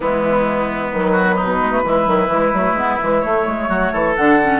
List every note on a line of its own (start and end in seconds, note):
0.00 0.92 E3
0.00 0.94 G#3
0.00 1.11 B3
0.00 0.90 E4
0.90 1.38 D#3
0.90 1.61 F#3
0.90 3.20 B4
1.11 1.34 F#4
1.35 1.81 D#4
1.42 1.84 B2
1.61 1.71 G#3
1.71 1.82 A3
1.84 2.07 E3
1.84 2.05 G#3
1.84 3.69 E4
2.05 2.27 D#3
2.05 2.28 F#3
2.27 2.51 E3
2.27 2.53 G#3
2.53 2.73 F#3
2.53 2.77 A3
2.73 2.96 G#3
2.73 3.00 B3
3.00 3.24 E3
3.00 3.23 G#3
3.20 4.15 A3
3.20 3.46 A3
3.20 4.13 C#5
3.46 3.69 G#3
3.69 3.92 F#3
3.69 3.92 F#4
3.92 4.16 E3
3.92 4.59 A4
4.16 4.59 D3
4.16 4.40 D4
4.16 4.59 F#5
4.42 4.59 C#4